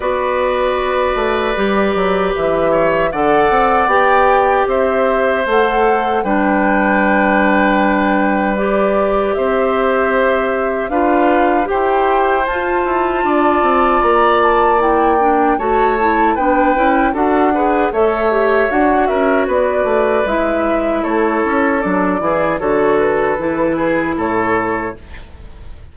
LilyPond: <<
  \new Staff \with { instrumentName = "flute" } { \time 4/4 \tempo 4 = 77 d''2. e''4 | fis''4 g''4 e''4 fis''4 | g''2. d''4 | e''2 f''4 g''4 |
a''2 ais''8 a''8 g''4 | a''4 g''4 fis''4 e''4 | fis''8 e''8 d''4 e''4 cis''4 | d''4 cis''8 b'4. cis''4 | }
  \new Staff \with { instrumentName = "oboe" } { \time 4/4 b'2.~ b'8 cis''8 | d''2 c''2 | b'1 | c''2 b'4 c''4~ |
c''4 d''2. | cis''4 b'4 a'8 b'8 cis''4~ | cis''8 ais'8 b'2 a'4~ | a'8 gis'8 a'4. gis'8 a'4 | }
  \new Staff \with { instrumentName = "clarinet" } { \time 4/4 fis'2 g'2 | a'4 g'2 a'4 | d'2. g'4~ | g'2 f'4 g'4 |
f'2. e'8 d'8 | fis'8 e'8 d'8 e'8 fis'8 gis'8 a'8 g'8 | fis'2 e'2 | d'8 e'8 fis'4 e'2 | }
  \new Staff \with { instrumentName = "bassoon" } { \time 4/4 b4. a8 g8 fis8 e4 | d8 c'8 b4 c'4 a4 | g1 | c'2 d'4 e'4 |
f'8 e'8 d'8 c'8 ais2 | a4 b8 cis'8 d'4 a4 | d'8 cis'8 b8 a8 gis4 a8 cis'8 | fis8 e8 d4 e4 a,4 | }
>>